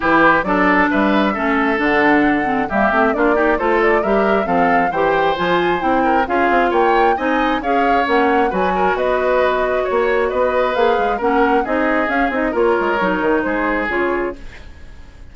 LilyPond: <<
  \new Staff \with { instrumentName = "flute" } { \time 4/4 \tempo 4 = 134 b'4 d''4 e''2 | fis''2 e''4 d''4 | c''8 d''8 e''4 f''4 g''4 | gis''4 g''4 f''4 g''4 |
gis''4 f''4 fis''4 gis''4 | dis''2 cis''4 dis''4 | f''4 fis''4 dis''4 f''8 dis''8 | cis''2 c''4 cis''4 | }
  \new Staff \with { instrumentName = "oboe" } { \time 4/4 g'4 a'4 b'4 a'4~ | a'2 g'4 f'8 g'8 | a'4 ais'4 a'4 c''4~ | c''4. ais'8 gis'4 cis''4 |
dis''4 cis''2 b'8 ais'8 | b'2 cis''4 b'4~ | b'4 ais'4 gis'2 | ais'2 gis'2 | }
  \new Staff \with { instrumentName = "clarinet" } { \time 4/4 e'4 d'2 cis'4 | d'4. c'8 ais8 c'8 d'8 dis'8 | f'4 g'4 c'4 g'4 | f'4 e'4 f'2 |
dis'4 gis'4 cis'4 fis'4~ | fis'1 | gis'4 cis'4 dis'4 cis'8 dis'8 | f'4 dis'2 f'4 | }
  \new Staff \with { instrumentName = "bassoon" } { \time 4/4 e4 fis4 g4 a4 | d2 g8 a8 ais4 | a4 g4 f4 e4 | f4 c'4 cis'8 c'8 ais4 |
c'4 cis'4 ais4 fis4 | b2 ais4 b4 | ais8 gis8 ais4 c'4 cis'8 c'8 | ais8 gis8 fis8 dis8 gis4 cis4 | }
>>